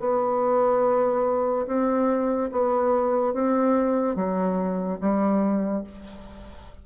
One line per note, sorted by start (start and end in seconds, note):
0.00 1.67 B3
1.67 2.50 C4
2.52 3.34 B3
3.34 4.16 C4
4.16 4.99 F#3
5.00 5.84 G3